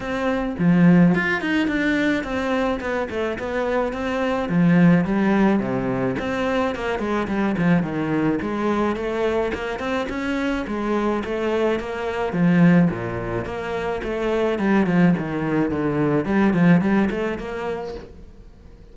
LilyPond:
\new Staff \with { instrumentName = "cello" } { \time 4/4 \tempo 4 = 107 c'4 f4 f'8 dis'8 d'4 | c'4 b8 a8 b4 c'4 | f4 g4 c4 c'4 | ais8 gis8 g8 f8 dis4 gis4 |
a4 ais8 c'8 cis'4 gis4 | a4 ais4 f4 ais,4 | ais4 a4 g8 f8 dis4 | d4 g8 f8 g8 a8 ais4 | }